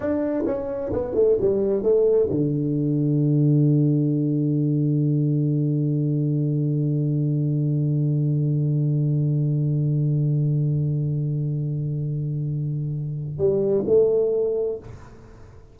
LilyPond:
\new Staff \with { instrumentName = "tuba" } { \time 4/4 \tempo 4 = 130 d'4 cis'4 b8 a8 g4 | a4 d2.~ | d1~ | d1~ |
d1~ | d1~ | d1~ | d4 g4 a2 | }